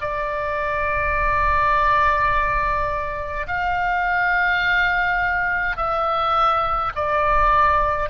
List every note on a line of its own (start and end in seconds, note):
0.00 3.46 D5
3.47 5.76 F5
5.76 6.92 E5
6.95 8.09 D5